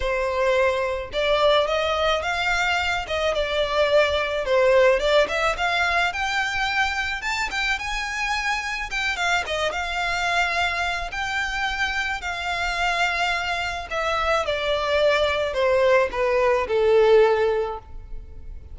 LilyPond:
\new Staff \with { instrumentName = "violin" } { \time 4/4 \tempo 4 = 108 c''2 d''4 dis''4 | f''4. dis''8 d''2 | c''4 d''8 e''8 f''4 g''4~ | g''4 a''8 g''8 gis''2 |
g''8 f''8 dis''8 f''2~ f''8 | g''2 f''2~ | f''4 e''4 d''2 | c''4 b'4 a'2 | }